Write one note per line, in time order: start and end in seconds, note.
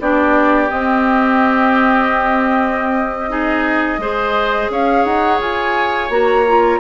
0.00 0.70 B3
0.00 0.69 D4
0.00 3.31 G4
0.00 0.70 D5
0.69 3.29 C4
0.69 3.98 C4
0.69 4.71 D#5
3.29 3.99 D#4
3.29 4.00 G#4
3.98 4.68 G#3
3.98 6.09 G#4
3.98 4.71 C5
4.70 5.05 C#4
4.70 6.80 C#5
4.70 5.05 F5
5.05 5.40 D#4
5.05 5.40 F#5
5.40 6.10 F4
5.40 6.11 G#5
6.10 6.79 A#3
6.10 6.45 F#4
6.10 6.80 A#5
6.48 6.80 F4